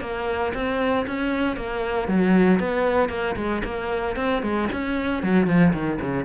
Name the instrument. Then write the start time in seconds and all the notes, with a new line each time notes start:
cello
0.00 A#3
0.54 C4
1.06 C#4
1.56 A#3
2.08 F#3
2.59 B3
3.09 A#3
3.36 G#3
3.64 A#3
4.16 C4
4.42 G#3
4.72 C#4
5.22 F#3
5.46 F3
5.73 D#3
6.00 C#3